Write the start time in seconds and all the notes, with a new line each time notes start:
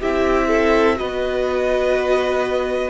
0.00 C4 E4 G4 E5
0.48 A4
0.96 B3 F#4 B4 D#5